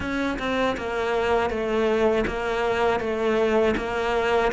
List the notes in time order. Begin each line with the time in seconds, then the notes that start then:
0.00 C#4
0.39 C4
0.77 A#3
1.50 A3
2.26 A#3
3.00 A3
3.77 A#3